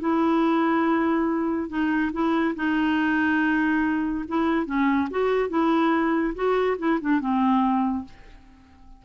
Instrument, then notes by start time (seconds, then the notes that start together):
clarinet
0.00 E4
1.69 D#4
2.13 E4
2.55 D#4
4.28 E4
4.66 C#4
5.10 F#4
5.49 E4
6.35 F#4
6.78 E4
7.01 D4
7.20 C4